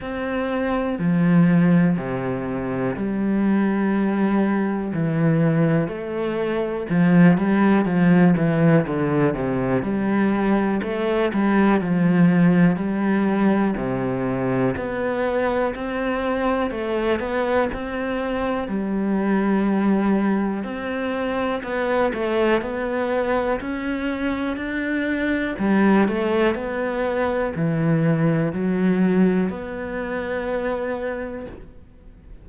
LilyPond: \new Staff \with { instrumentName = "cello" } { \time 4/4 \tempo 4 = 61 c'4 f4 c4 g4~ | g4 e4 a4 f8 g8 | f8 e8 d8 c8 g4 a8 g8 | f4 g4 c4 b4 |
c'4 a8 b8 c'4 g4~ | g4 c'4 b8 a8 b4 | cis'4 d'4 g8 a8 b4 | e4 fis4 b2 | }